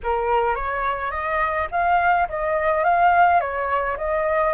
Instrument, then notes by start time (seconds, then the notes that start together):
flute
0.03 A#4
0.55 C#5
1.11 D#5
1.71 F5
2.28 D#5
2.84 F5
3.40 C#5
3.97 D#5